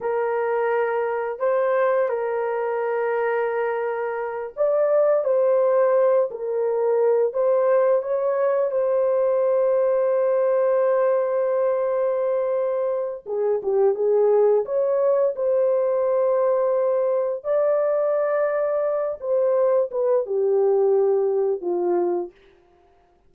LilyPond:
\new Staff \with { instrumentName = "horn" } { \time 4/4 \tempo 4 = 86 ais'2 c''4 ais'4~ | ais'2~ ais'8 d''4 c''8~ | c''4 ais'4. c''4 cis''8~ | cis''8 c''2.~ c''8~ |
c''2. gis'8 g'8 | gis'4 cis''4 c''2~ | c''4 d''2~ d''8 c''8~ | c''8 b'8 g'2 f'4 | }